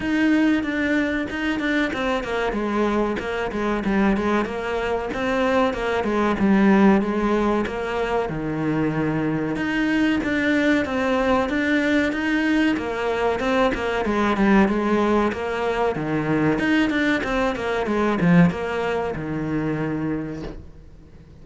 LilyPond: \new Staff \with { instrumentName = "cello" } { \time 4/4 \tempo 4 = 94 dis'4 d'4 dis'8 d'8 c'8 ais8 | gis4 ais8 gis8 g8 gis8 ais4 | c'4 ais8 gis8 g4 gis4 | ais4 dis2 dis'4 |
d'4 c'4 d'4 dis'4 | ais4 c'8 ais8 gis8 g8 gis4 | ais4 dis4 dis'8 d'8 c'8 ais8 | gis8 f8 ais4 dis2 | }